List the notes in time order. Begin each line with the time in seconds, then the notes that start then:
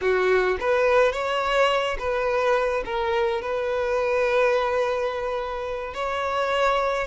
0.01 F#4
0.60 B4
1.12 C#5
1.98 B4
2.85 A#4
3.41 B4
5.94 C#5